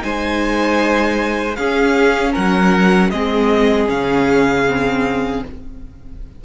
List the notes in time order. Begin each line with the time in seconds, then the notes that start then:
0.00 G#3 D#4 C5 G#5
1.56 C#4 G#4 F5
2.33 F#3 A#4 F#5
3.11 G#3 C4 G#4 D#5
3.87 C#3 C#4 F5
4.68 C4